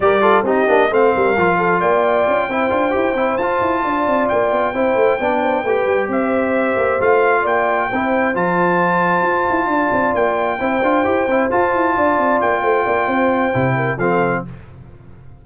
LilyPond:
<<
  \new Staff \with { instrumentName = "trumpet" } { \time 4/4 \tempo 4 = 133 d''4 dis''4 f''2 | g''2.~ g''8 a''8~ | a''4. g''2~ g''8~ | g''4. e''2 f''8~ |
f''8 g''2 a''4.~ | a''2~ a''8 g''4.~ | g''4. a''2 g''8~ | g''2. f''4 | }
  \new Staff \with { instrumentName = "horn" } { \time 4/4 ais'8 a'8 g'4 c''8 ais'4 a'8 | d''4. c''2~ c''8~ | c''8 d''2 c''4 d''8 | c''8 b'4 c''2~ c''8~ |
c''8 d''4 c''2~ c''8~ | c''4. d''2 c''8~ | c''2~ c''8 d''4. | c''8 d''8 c''4. ais'8 a'4 | }
  \new Staff \with { instrumentName = "trombone" } { \time 4/4 g'8 f'8 dis'8 d'8 c'4 f'4~ | f'4. e'8 f'8 g'8 e'8 f'8~ | f'2~ f'8 e'4 d'8~ | d'8 g'2. f'8~ |
f'4. e'4 f'4.~ | f'2.~ f'8 e'8 | f'8 g'8 e'8 f'2~ f'8~ | f'2 e'4 c'4 | }
  \new Staff \with { instrumentName = "tuba" } { \time 4/4 g4 c'8 ais8 a8 g8 f4 | ais4 cis'8 c'8 d'8 e'8 c'8 f'8 | e'8 d'8 c'8 ais8 b8 c'8 a8 b8~ | b8 a8 g8 c'4. ais8 a8~ |
a8 ais4 c'4 f4.~ | f8 f'8 e'8 d'8 c'8 ais4 c'8 | d'8 e'8 c'8 f'8 e'8 d'8 c'8 ais8 | a8 ais8 c'4 c4 f4 | }
>>